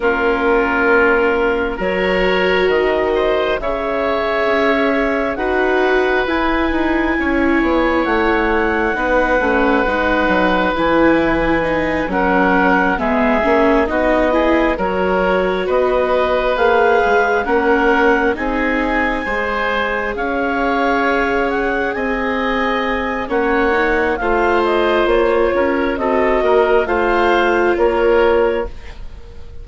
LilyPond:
<<
  \new Staff \with { instrumentName = "clarinet" } { \time 4/4 \tempo 4 = 67 ais'2 cis''4 dis''4 | e''2 fis''4 gis''4~ | gis''4 fis''2. | gis''4. fis''4 e''4 dis''8~ |
dis''8 cis''4 dis''4 f''4 fis''8~ | fis''8 gis''2 f''4. | fis''8 gis''4. fis''4 f''8 dis''8 | cis''4 dis''4 f''4 cis''4 | }
  \new Staff \with { instrumentName = "oboe" } { \time 4/4 f'2 ais'4. c''8 | cis''2 b'2 | cis''2 b'2~ | b'4. ais'4 gis'4 fis'8 |
gis'8 ais'4 b'2 ais'8~ | ais'8 gis'4 c''4 cis''4.~ | cis''8 dis''4. cis''4 c''4~ | c''8 ais'8 a'8 ais'8 c''4 ais'4 | }
  \new Staff \with { instrumentName = "viola" } { \time 4/4 cis'2 fis'2 | gis'2 fis'4 e'4~ | e'2 dis'8 cis'8 dis'4 | e'4 dis'8 cis'4 b8 cis'8 dis'8 |
e'8 fis'2 gis'4 cis'8~ | cis'8 dis'4 gis'2~ gis'8~ | gis'2 cis'8 dis'8 f'4~ | f'4 fis'4 f'2 | }
  \new Staff \with { instrumentName = "bassoon" } { \time 4/4 ais2 fis4 dis4 | cis4 cis'4 dis'4 e'8 dis'8 | cis'8 b8 a4 b8 a8 gis8 fis8 | e4. fis4 gis8 ais8 b8~ |
b8 fis4 b4 ais8 gis8 ais8~ | ais8 c'4 gis4 cis'4.~ | cis'8 c'4. ais4 a4 | ais8 cis'8 c'8 ais8 a4 ais4 | }
>>